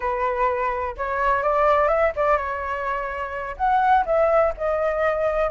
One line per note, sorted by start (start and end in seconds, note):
0.00 0.95 B4
0.97 1.43 C#5
1.43 1.88 D5
1.88 2.11 E5
2.16 2.37 D5
2.37 3.56 C#5
3.57 4.05 F#5
4.05 4.53 E5
4.57 5.50 D#5